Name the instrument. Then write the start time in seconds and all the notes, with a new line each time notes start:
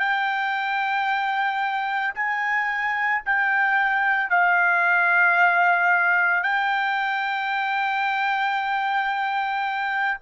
trumpet
0.00 G5
2.15 G#5
3.26 G5
4.31 F5
6.43 G5